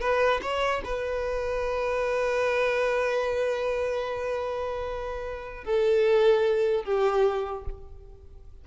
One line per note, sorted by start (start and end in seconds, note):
0.00 0.40 B4
0.42 0.82 C#5
0.84 5.64 B4
5.64 6.84 A4
6.84 7.65 G4